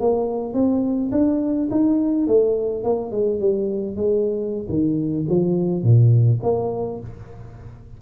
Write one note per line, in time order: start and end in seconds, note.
0.00 0.54 A#3
0.54 1.11 C4
1.12 1.69 D4
1.71 2.27 D#4
2.27 2.83 A3
2.83 3.11 A#3
3.11 3.40 G#3
3.40 3.96 G3
3.96 4.67 G#3
4.69 5.26 D#3
5.29 5.83 F3
5.83 6.40 A#2
6.43 7.00 A#3